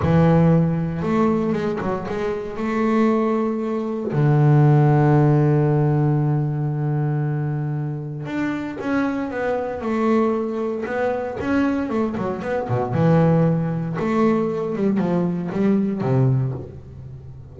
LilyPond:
\new Staff \with { instrumentName = "double bass" } { \time 4/4 \tempo 4 = 116 e2 a4 gis8 fis8 | gis4 a2. | d1~ | d1 |
d'4 cis'4 b4 a4~ | a4 b4 cis'4 a8 fis8 | b8 b,8 e2 a4~ | a8 g8 f4 g4 c4 | }